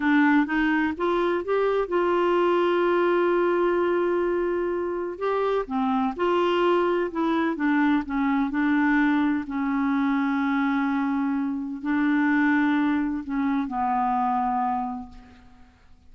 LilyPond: \new Staff \with { instrumentName = "clarinet" } { \time 4/4 \tempo 4 = 127 d'4 dis'4 f'4 g'4 | f'1~ | f'2. g'4 | c'4 f'2 e'4 |
d'4 cis'4 d'2 | cis'1~ | cis'4 d'2. | cis'4 b2. | }